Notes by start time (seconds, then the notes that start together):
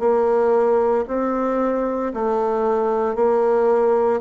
0.00 A#3
1.08 C4
2.14 A3
3.15 A#3